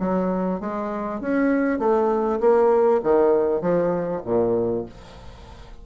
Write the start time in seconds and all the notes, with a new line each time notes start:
0.00 F#3
0.61 G#3
1.21 C#4
1.79 A3
2.41 A#3
3.04 D#3
3.62 F3
4.25 A#2